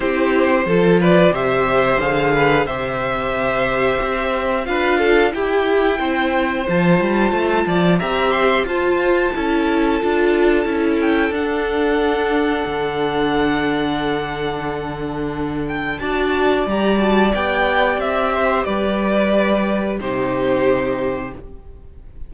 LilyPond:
<<
  \new Staff \with { instrumentName = "violin" } { \time 4/4 \tempo 4 = 90 c''4. d''8 e''4 f''4 | e''2. f''4 | g''2 a''2 | ais''8 c'''8 a''2.~ |
a''8 g''8 fis''2.~ | fis''2.~ fis''8 g''8 | a''4 ais''8 a''8 g''4 e''4 | d''2 c''2 | }
  \new Staff \with { instrumentName = "violin" } { \time 4/4 g'4 a'8 b'8 c''4. b'8 | c''2. b'8 a'8 | g'4 c''2~ c''8 d''8 | e''4 c''4 a'2~ |
a'1~ | a'1 | d''2.~ d''8 c''8 | b'2 g'2 | }
  \new Staff \with { instrumentName = "viola" } { \time 4/4 e'4 f'4 g'4 gis'4 | g'2. f'4 | e'2 f'2 | g'4 f'4 e'4 f'4 |
e'4 d'2.~ | d'1 | fis'4 g'8 fis'8 g'2~ | g'2 dis'2 | }
  \new Staff \with { instrumentName = "cello" } { \time 4/4 c'4 f4 c4 d4 | c2 c'4 d'4 | e'4 c'4 f8 g8 a8 f8 | c'4 f'4 cis'4 d'4 |
cis'4 d'2 d4~ | d1 | d'4 g4 b4 c'4 | g2 c2 | }
>>